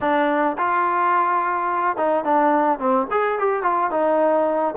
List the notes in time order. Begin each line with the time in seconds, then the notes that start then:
0.00 D4
0.58 F4
1.96 D#4
2.24 D4
2.79 C4
3.10 G#4
3.38 G4
3.62 F4
3.90 D#4